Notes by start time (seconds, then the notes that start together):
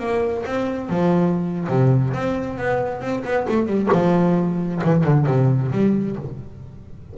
0.00 A#3
0.46 C4
0.90 F3
1.69 C3
2.14 C4
2.58 B3
3.01 C4
3.24 B3
3.48 A3
3.67 G3
3.93 F3
4.85 E3
5.04 D3
5.27 C3
5.72 G3